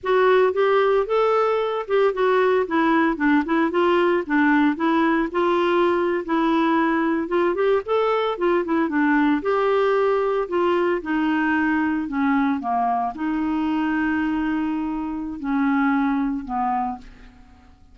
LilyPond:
\new Staff \with { instrumentName = "clarinet" } { \time 4/4 \tempo 4 = 113 fis'4 g'4 a'4. g'8 | fis'4 e'4 d'8 e'8 f'4 | d'4 e'4 f'4.~ f'16 e'16~ | e'4.~ e'16 f'8 g'8 a'4 f'16~ |
f'16 e'8 d'4 g'2 f'16~ | f'8. dis'2 cis'4 ais16~ | ais8. dis'2.~ dis'16~ | dis'4 cis'2 b4 | }